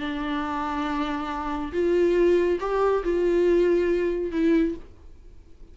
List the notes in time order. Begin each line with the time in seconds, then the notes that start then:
0.00 D4
1.73 F4
2.61 G4
3.04 F4
4.32 E4